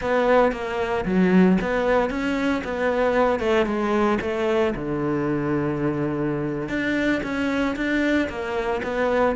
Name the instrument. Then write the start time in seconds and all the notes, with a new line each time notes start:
cello
0.01 B3
0.52 A#3
1.05 F#3
1.61 B3
2.09 C#4
2.63 B3
3.39 A3
3.66 G#3
4.21 A3
4.75 D3
6.68 D4
7.23 C#4
7.76 D4
8.29 A#3
8.83 B3